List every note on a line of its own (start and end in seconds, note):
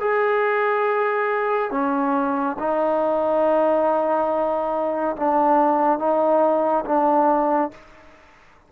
0.00 1.71 G#4
1.71 2.56 C#4
2.59 5.16 D#4
5.16 5.98 D4
5.98 6.84 D#4
6.85 7.71 D4